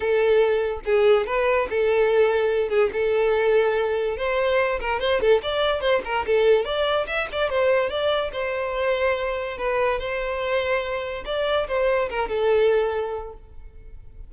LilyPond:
\new Staff \with { instrumentName = "violin" } { \time 4/4 \tempo 4 = 144 a'2 gis'4 b'4 | a'2~ a'8 gis'8 a'4~ | a'2 c''4. ais'8 | c''8 a'8 d''4 c''8 ais'8 a'4 |
d''4 e''8 d''8 c''4 d''4 | c''2. b'4 | c''2. d''4 | c''4 ais'8 a'2~ a'8 | }